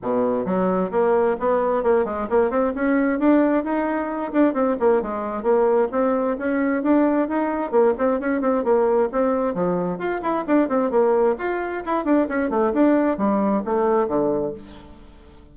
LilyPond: \new Staff \with { instrumentName = "bassoon" } { \time 4/4 \tempo 4 = 132 b,4 fis4 ais4 b4 | ais8 gis8 ais8 c'8 cis'4 d'4 | dis'4. d'8 c'8 ais8 gis4 | ais4 c'4 cis'4 d'4 |
dis'4 ais8 c'8 cis'8 c'8 ais4 | c'4 f4 f'8 e'8 d'8 c'8 | ais4 f'4 e'8 d'8 cis'8 a8 | d'4 g4 a4 d4 | }